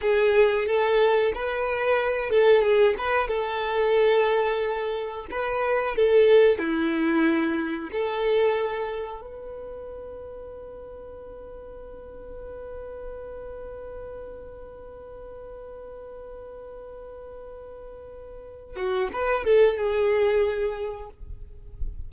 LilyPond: \new Staff \with { instrumentName = "violin" } { \time 4/4 \tempo 4 = 91 gis'4 a'4 b'4. a'8 | gis'8 b'8 a'2. | b'4 a'4 e'2 | a'2 b'2~ |
b'1~ | b'1~ | b'1~ | b'8 fis'8 b'8 a'8 gis'2 | }